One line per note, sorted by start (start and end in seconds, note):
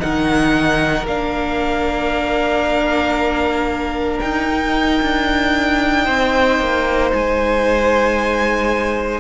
0.00 1.03 D#3
0.00 1.05 D#4
0.00 6.05 A#4
0.00 1.06 F#5
1.03 4.19 A#3
1.03 4.49 D4
1.03 4.20 F5
4.20 5.01 D#4
4.20 7.09 G5
4.50 9.20 D#4
5.02 6.07 D4
6.05 6.59 C4
6.05 9.20 C5
6.59 7.12 A#3
7.13 9.20 G#3
7.13 9.20 G#5